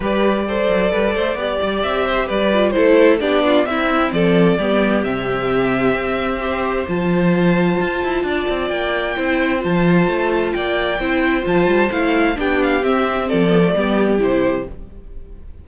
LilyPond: <<
  \new Staff \with { instrumentName = "violin" } { \time 4/4 \tempo 4 = 131 d''1 | e''4 d''4 c''4 d''4 | e''4 d''2 e''4~ | e''2. a''4~ |
a''2. g''4~ | g''4 a''2 g''4~ | g''4 a''4 f''4 g''8 f''8 | e''4 d''2 c''4 | }
  \new Staff \with { instrumentName = "violin" } { \time 4/4 b'4 c''4 b'8 c''8 d''4~ | d''8 c''8 b'4 a'4 g'8 f'8 | e'4 a'4 g'2~ | g'2 c''2~ |
c''2 d''2 | c''2. d''4 | c''2. g'4~ | g'4 a'4 g'2 | }
  \new Staff \with { instrumentName = "viola" } { \time 4/4 g'4 a'2 g'4~ | g'4. f'8 e'4 d'4 | c'2 b4 c'4~ | c'2 g'4 f'4~ |
f'1 | e'4 f'2. | e'4 f'4 e'4 d'4 | c'4. b16 a16 b4 e'4 | }
  \new Staff \with { instrumentName = "cello" } { \time 4/4 g4. fis8 g8 a8 b8 g8 | c'4 g4 a4 b4 | c'4 f4 g4 c4~ | c4 c'2 f4~ |
f4 f'8 e'8 d'8 c'8 ais4 | c'4 f4 a4 ais4 | c'4 f8 g8 a4 b4 | c'4 f4 g4 c4 | }
>>